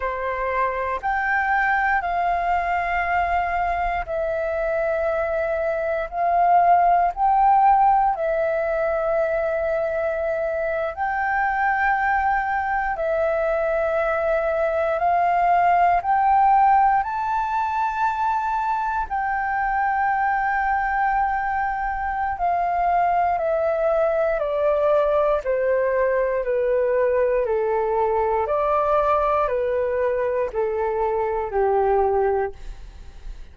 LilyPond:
\new Staff \with { instrumentName = "flute" } { \time 4/4 \tempo 4 = 59 c''4 g''4 f''2 | e''2 f''4 g''4 | e''2~ e''8. g''4~ g''16~ | g''8. e''2 f''4 g''16~ |
g''8. a''2 g''4~ g''16~ | g''2 f''4 e''4 | d''4 c''4 b'4 a'4 | d''4 b'4 a'4 g'4 | }